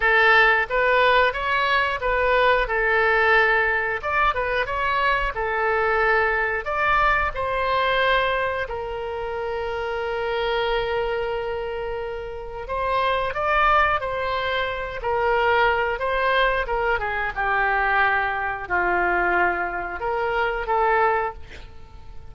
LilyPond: \new Staff \with { instrumentName = "oboe" } { \time 4/4 \tempo 4 = 90 a'4 b'4 cis''4 b'4 | a'2 d''8 b'8 cis''4 | a'2 d''4 c''4~ | c''4 ais'2.~ |
ais'2. c''4 | d''4 c''4. ais'4. | c''4 ais'8 gis'8 g'2 | f'2 ais'4 a'4 | }